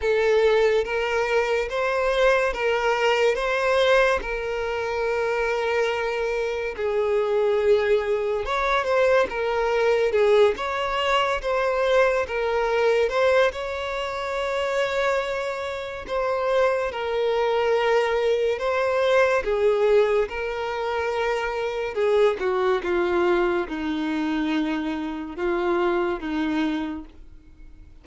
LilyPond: \new Staff \with { instrumentName = "violin" } { \time 4/4 \tempo 4 = 71 a'4 ais'4 c''4 ais'4 | c''4 ais'2. | gis'2 cis''8 c''8 ais'4 | gis'8 cis''4 c''4 ais'4 c''8 |
cis''2. c''4 | ais'2 c''4 gis'4 | ais'2 gis'8 fis'8 f'4 | dis'2 f'4 dis'4 | }